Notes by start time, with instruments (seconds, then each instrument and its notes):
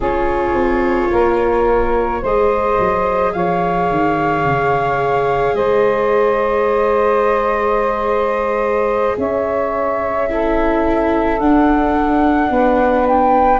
0.00 tuba C#4, viola F4, saxophone G#4, flute C#5
0.53 tuba C4
1.11 tuba A#3, saxophone A#4
2.21 tuba G#3, viola G#4, saxophone C5, flute D#5
2.79 tuba F#3
3.32 tuba F3, saxophone C#5, flute F5
3.90 tuba D#3
4.44 tuba C#3
5.54 tuba G#3, saxophone C5, flute D#5
9.17 tuba C#4, saxophone C#5, flute E5
10.29 viola E4, saxophone A4
11.39 tuba D4, viola D4, flute F#5
12.50 tuba B3, saxophone B4
13.07 flute G5